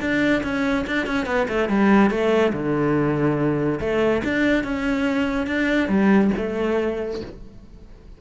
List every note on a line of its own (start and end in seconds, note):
0.00 0.42 D4
0.43 0.85 C#4
0.87 1.06 D4
1.06 1.26 C#4
1.26 1.47 B3
1.48 1.69 A3
1.69 2.10 G3
2.10 2.52 A3
2.53 3.79 D3
3.80 4.22 A3
4.24 4.63 D4
4.63 5.47 C#4
5.47 5.88 D4
5.88 6.31 G3
6.37 7.21 A3